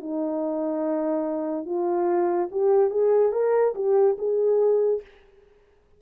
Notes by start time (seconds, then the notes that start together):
0.00 D#4
1.66 F4
2.51 G4
2.90 G#4
3.32 A#4
3.75 G4
4.18 G#4